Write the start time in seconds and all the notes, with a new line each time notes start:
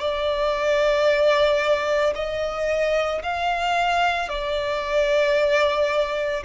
0.00 D5
2.16 D#5
3.23 F5
4.30 D5